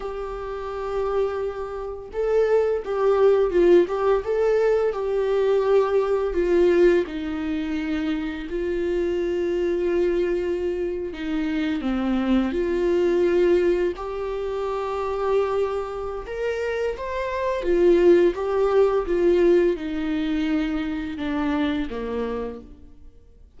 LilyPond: \new Staff \with { instrumentName = "viola" } { \time 4/4 \tempo 4 = 85 g'2. a'4 | g'4 f'8 g'8 a'4 g'4~ | g'4 f'4 dis'2 | f'2.~ f'8. dis'16~ |
dis'8. c'4 f'2 g'16~ | g'2. ais'4 | c''4 f'4 g'4 f'4 | dis'2 d'4 ais4 | }